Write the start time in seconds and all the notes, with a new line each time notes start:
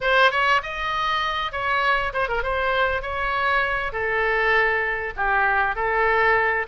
0.01 C5
0.31 C#5
0.63 D#5
1.52 C#5
2.13 C5
2.28 A#4
2.42 C5
3.01 C#5
3.92 A4
5.16 G4
5.75 A4